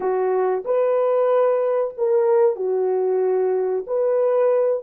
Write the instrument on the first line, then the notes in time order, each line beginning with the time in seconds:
horn
0.00 F#4
0.65 B4
1.97 A#4
2.56 F#4
3.87 B4